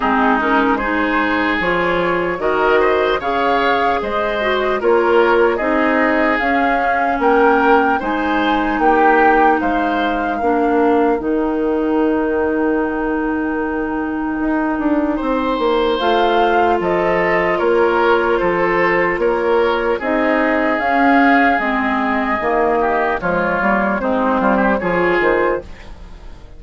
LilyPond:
<<
  \new Staff \with { instrumentName = "flute" } { \time 4/4 \tempo 4 = 75 gis'8 ais'8 c''4 cis''4 dis''4 | f''4 dis''4 cis''4 dis''4 | f''4 g''4 gis''4 g''4 | f''2 g''2~ |
g''1 | f''4 dis''4 cis''4 c''4 | cis''4 dis''4 f''4 dis''4~ | dis''4 cis''4 c''4 cis''8 c''8 | }
  \new Staff \with { instrumentName = "oboe" } { \time 4/4 dis'4 gis'2 ais'8 c''8 | cis''4 c''4 ais'4 gis'4~ | gis'4 ais'4 c''4 g'4 | c''4 ais'2.~ |
ais'2. c''4~ | c''4 a'4 ais'4 a'4 | ais'4 gis'2.~ | gis'8 g'8 f'4 dis'8 f'16 g'16 gis'4 | }
  \new Staff \with { instrumentName = "clarinet" } { \time 4/4 c'8 cis'8 dis'4 f'4 fis'4 | gis'4. fis'8 f'4 dis'4 | cis'2 dis'2~ | dis'4 d'4 dis'2~ |
dis'1 | f'1~ | f'4 dis'4 cis'4 c'4 | ais4 gis8 ais8 c'4 f'4 | }
  \new Staff \with { instrumentName = "bassoon" } { \time 4/4 gis2 f4 dis4 | cis4 gis4 ais4 c'4 | cis'4 ais4 gis4 ais4 | gis4 ais4 dis2~ |
dis2 dis'8 d'8 c'8 ais8 | a4 f4 ais4 f4 | ais4 c'4 cis'4 gis4 | dis4 f8 g8 gis8 g8 f8 dis8 | }
>>